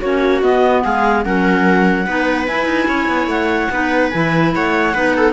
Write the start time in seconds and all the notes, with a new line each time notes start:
0.00 A#3 C#4 F#4 C#5
0.42 B3 D#5
0.83 G#3 G#4 F5
1.24 F#3 C#4 A#4 F#5
2.06 B3 D#4 B4
2.46 E4 G#5
2.66 D#4
2.88 C#4 C#5
3.08 B3
3.27 A3 F#5
3.70 B3 D#4 B4
4.10 E3 E4 G#5
4.55 A3 C#5 F#5
4.94 B3 D#4 B4
5.16 A4